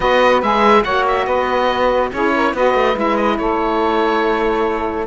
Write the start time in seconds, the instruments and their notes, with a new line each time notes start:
0.00 cello B3, saxophone F#4 B4, oboe D#5
0.42 cello G#3, saxophone G#4, oboe E5
0.83 cello A#3, saxophone F#4 C#5, oboe F#5
1.07 oboe E5
1.25 cello B3, saxophone B4, oboe D#5
2.12 cello C#4, saxophone E4 G#4, oboe C#5
2.35 saxophone A#4
2.52 cello B3, saxophone F#4 B4, oboe D#5
2.74 cello A3
2.93 cello G#3, saxophone E4, oboe E5
3.16 oboe D#5
3.37 cello A3, saxophone A4, oboe C#5